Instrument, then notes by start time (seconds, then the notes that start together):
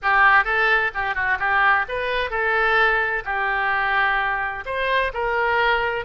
oboe
0.02 G4
0.44 A4
0.94 G4
1.14 F#4
1.39 G4
1.88 B4
2.30 A4
3.24 G4
4.65 C5
5.13 A#4